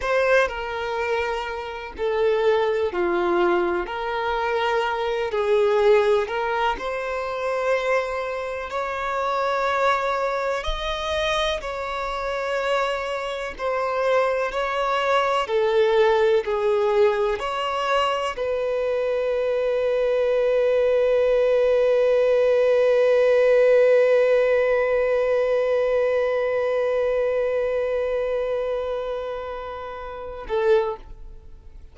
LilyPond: \new Staff \with { instrumentName = "violin" } { \time 4/4 \tempo 4 = 62 c''8 ais'4. a'4 f'4 | ais'4. gis'4 ais'8 c''4~ | c''4 cis''2 dis''4 | cis''2 c''4 cis''4 |
a'4 gis'4 cis''4 b'4~ | b'1~ | b'1~ | b'2.~ b'8 a'8 | }